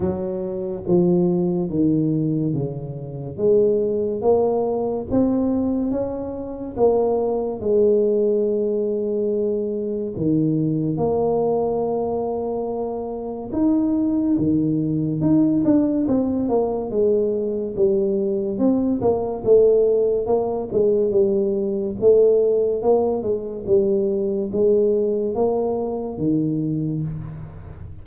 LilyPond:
\new Staff \with { instrumentName = "tuba" } { \time 4/4 \tempo 4 = 71 fis4 f4 dis4 cis4 | gis4 ais4 c'4 cis'4 | ais4 gis2. | dis4 ais2. |
dis'4 dis4 dis'8 d'8 c'8 ais8 | gis4 g4 c'8 ais8 a4 | ais8 gis8 g4 a4 ais8 gis8 | g4 gis4 ais4 dis4 | }